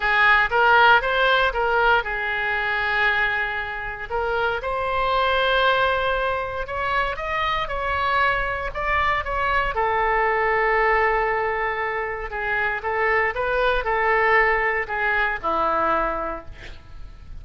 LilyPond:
\new Staff \with { instrumentName = "oboe" } { \time 4/4 \tempo 4 = 117 gis'4 ais'4 c''4 ais'4 | gis'1 | ais'4 c''2.~ | c''4 cis''4 dis''4 cis''4~ |
cis''4 d''4 cis''4 a'4~ | a'1 | gis'4 a'4 b'4 a'4~ | a'4 gis'4 e'2 | }